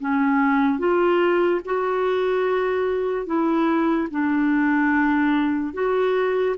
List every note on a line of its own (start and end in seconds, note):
0.00 0.78 C#4
0.78 1.61 F4
1.65 3.26 F#4
3.26 4.08 E4
4.10 5.73 D4
5.73 6.56 F#4